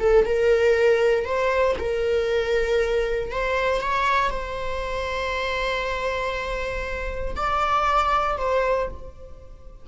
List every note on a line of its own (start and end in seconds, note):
0.00 0.25 A4
0.25 1.25 A#4
1.25 1.76 C5
1.79 3.32 A#4
3.32 3.81 C5
3.81 4.31 C#5
4.31 7.36 C5
7.36 8.38 D5
8.38 8.88 C5